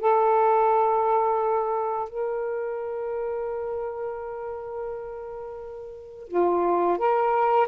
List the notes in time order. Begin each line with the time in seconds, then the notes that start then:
0.00 A4
2.09 A#4
6.28 F4
6.98 A#4